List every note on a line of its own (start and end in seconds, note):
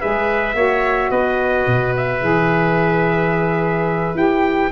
0.00 0.54 G#3
0.00 0.55 G#4
0.00 0.56 B4
0.00 1.11 E5
0.54 1.10 A#3
0.54 2.20 F#4
0.54 1.11 C#5
1.11 1.66 B3
1.11 4.72 B4
1.11 1.94 D#5
1.67 2.22 B2
1.96 4.17 E5
2.20 4.14 E3
2.20 4.15 G#4
4.14 4.70 E4
4.14 4.70 G4
4.14 4.72 G5